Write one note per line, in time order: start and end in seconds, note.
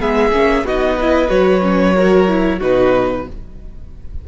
0.00 0.32 G#3
0.00 0.33 B3
0.00 0.65 G#4
0.00 0.67 E5
0.32 0.63 A#3
0.32 0.66 C#4
0.63 1.29 B3
0.63 0.99 D#4
0.63 0.97 F#4
0.63 1.30 D#5
0.97 1.29 E4
0.97 1.94 B4
1.29 2.61 F#3
1.29 1.61 F#4
1.29 2.60 C#5
1.62 1.95 C#4
1.95 2.28 F#4
1.95 2.59 A#4
2.28 2.61 E4
2.59 3.27 B2
2.59 3.26 D#4
2.59 3.24 F#4
2.59 3.28 B4